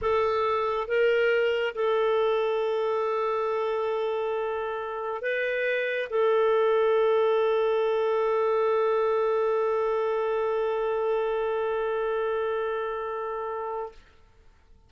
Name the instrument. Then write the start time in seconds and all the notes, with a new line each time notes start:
clarinet
0.01 A4
0.87 A#4
1.74 A4
5.21 B4
6.09 A4